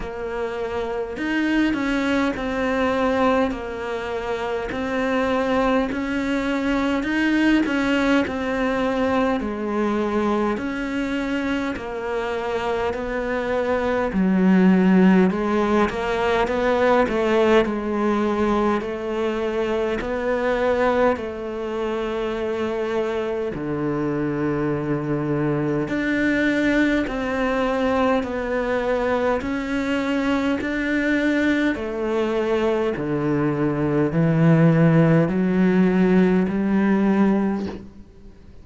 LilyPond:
\new Staff \with { instrumentName = "cello" } { \time 4/4 \tempo 4 = 51 ais4 dis'8 cis'8 c'4 ais4 | c'4 cis'4 dis'8 cis'8 c'4 | gis4 cis'4 ais4 b4 | fis4 gis8 ais8 b8 a8 gis4 |
a4 b4 a2 | d2 d'4 c'4 | b4 cis'4 d'4 a4 | d4 e4 fis4 g4 | }